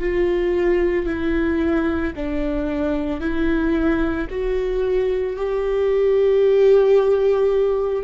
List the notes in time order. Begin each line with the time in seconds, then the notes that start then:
0.00 F4
1.07 E4
2.16 D4
3.21 E4
4.31 F#4
5.37 G4